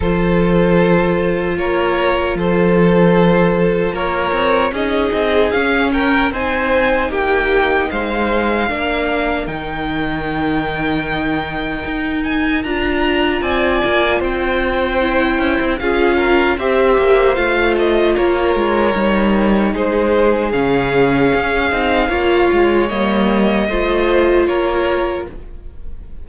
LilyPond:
<<
  \new Staff \with { instrumentName = "violin" } { \time 4/4 \tempo 4 = 76 c''2 cis''4 c''4~ | c''4 cis''4 dis''4 f''8 g''8 | gis''4 g''4 f''2 | g''2.~ g''8 gis''8 |
ais''4 gis''4 g''2 | f''4 e''4 f''8 dis''8 cis''4~ | cis''4 c''4 f''2~ | f''4 dis''2 cis''4 | }
  \new Staff \with { instrumentName = "violin" } { \time 4/4 a'2 ais'4 a'4~ | a'4 ais'4 gis'4. ais'8 | c''4 g'4 c''4 ais'4~ | ais'1~ |
ais'4 d''4 c''2 | gis'8 ais'8 c''2 ais'4~ | ais'4 gis'2. | cis''2 c''4 ais'4 | }
  \new Staff \with { instrumentName = "viola" } { \time 4/4 f'1~ | f'2 dis'4 cis'4 | dis'2. d'4 | dis'1 |
f'2. e'4 | f'4 g'4 f'2 | dis'2 cis'4. dis'8 | f'4 ais4 f'2 | }
  \new Staff \with { instrumentName = "cello" } { \time 4/4 f2 ais4 f4~ | f4 ais8 c'8 cis'8 c'8 cis'4 | c'4 ais4 gis4 ais4 | dis2. dis'4 |
d'4 c'8 ais8 c'4. cis'16 c'16 | cis'4 c'8 ais8 a4 ais8 gis8 | g4 gis4 cis4 cis'8 c'8 | ais8 gis8 g4 a4 ais4 | }
>>